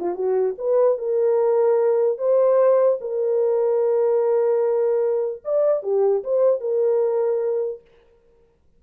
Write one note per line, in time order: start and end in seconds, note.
0.00 0.15 F4
0.15 0.55 F#4
0.58 0.98 B4
0.98 2.19 A#4
2.19 2.99 C5
3.01 5.43 A#4
5.45 5.83 D5
5.83 6.24 G4
6.24 6.61 C5
6.61 7.81 A#4